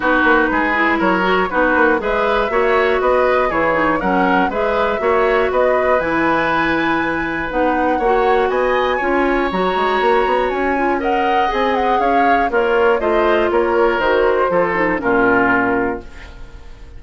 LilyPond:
<<
  \new Staff \with { instrumentName = "flute" } { \time 4/4 \tempo 4 = 120 b'2 cis''4 b'4 | e''2 dis''4 cis''4 | fis''4 e''2 dis''4 | gis''2. fis''4~ |
fis''4 gis''2 ais''4~ | ais''4 gis''4 fis''4 gis''8 fis''8 | f''4 cis''4 dis''4 cis''4 | c''2 ais'2 | }
  \new Staff \with { instrumentName = "oboe" } { \time 4/4 fis'4 gis'4 ais'4 fis'4 | b'4 cis''4 b'4 gis'4 | ais'4 b'4 cis''4 b'4~ | b'1 |
cis''4 dis''4 cis''2~ | cis''2 dis''2 | cis''4 f'4 c''4 ais'4~ | ais'4 a'4 f'2 | }
  \new Staff \with { instrumentName = "clarinet" } { \time 4/4 dis'4. e'4 fis'8 dis'4 | gis'4 fis'2 e'8 dis'8 | cis'4 gis'4 fis'2 | e'2. dis'4 |
fis'2 f'4 fis'4~ | fis'4. f'8 ais'4 gis'4~ | gis'4 ais'4 f'2 | fis'4 f'8 dis'8 cis'2 | }
  \new Staff \with { instrumentName = "bassoon" } { \time 4/4 b8 ais8 gis4 fis4 b8 ais8 | gis4 ais4 b4 e4 | fis4 gis4 ais4 b4 | e2. b4 |
ais4 b4 cis'4 fis8 gis8 | ais8 b8 cis'2 c'4 | cis'4 ais4 a4 ais4 | dis4 f4 ais,2 | }
>>